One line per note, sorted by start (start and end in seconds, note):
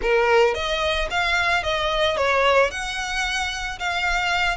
0.01 0.54 A#4
0.54 1.08 D#5
1.10 1.63 F5
1.63 2.16 D#5
2.16 2.70 C#5
2.70 3.78 F#5
3.79 4.57 F5